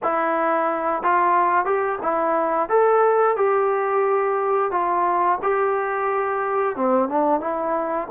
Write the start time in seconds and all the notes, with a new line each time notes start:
0.02 E4
1.02 F4
1.65 G4
2.02 E4
2.69 A4
3.36 G4
4.71 F4
5.42 G4
6.76 C4
7.08 D4
7.40 E4